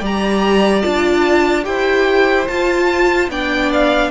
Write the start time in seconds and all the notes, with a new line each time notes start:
0.00 G3 G4 D5 A#5
0.82 D4 F4 A5
1.63 E4 G4 C5 G5
2.47 F4 A5
3.28 B3 D4 D5 G5
3.73 F5